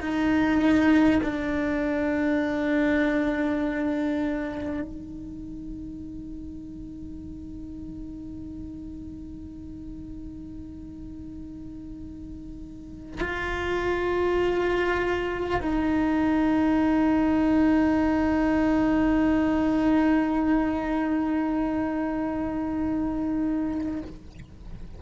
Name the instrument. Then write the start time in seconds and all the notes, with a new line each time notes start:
cello
0.00 D#4
1.23 D4
4.81 D#4
13.21 F4
15.61 D#4